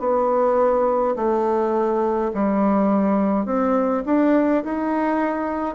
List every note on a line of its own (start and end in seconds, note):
0.00 1.15 B3
1.16 2.32 A3
2.34 3.46 G3
3.46 4.03 C4
4.06 4.64 D4
4.64 5.75 D#4